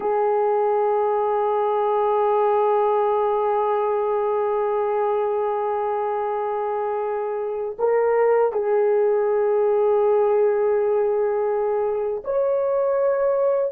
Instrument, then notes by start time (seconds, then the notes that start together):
horn
0.00 G#4
7.78 A#4
8.52 G#4
12.24 C#5